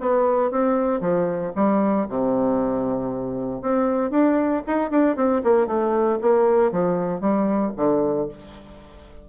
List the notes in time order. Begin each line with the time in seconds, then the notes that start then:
0.00 B3
0.51 C4
1.01 F3
1.55 G3
2.08 C3
3.62 C4
4.11 D4
4.67 D#4
4.91 D4
5.16 C4
5.44 A#3
5.67 A3
6.21 A#3
6.72 F3
7.20 G3
7.77 D3